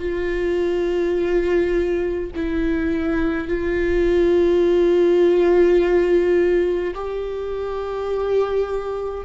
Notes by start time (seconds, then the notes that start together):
0.00 F4
2.36 E4
3.48 F4
6.95 G4